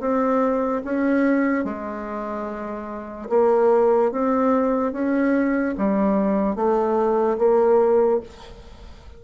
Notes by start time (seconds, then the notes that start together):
0.00 C4
0.85 C#4
1.64 G#3
3.30 A#3
4.12 C4
4.93 C#4
5.78 G3
6.56 A3
7.38 A#3